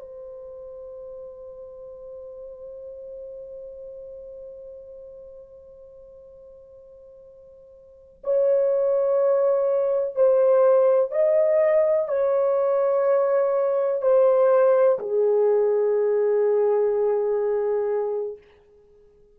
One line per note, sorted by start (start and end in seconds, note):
0.00 8.23 C5
8.24 10.16 C#5
10.16 11.12 C5
11.12 12.09 D#5
12.09 14.02 C#5
14.02 14.99 C5
15.00 18.38 G#4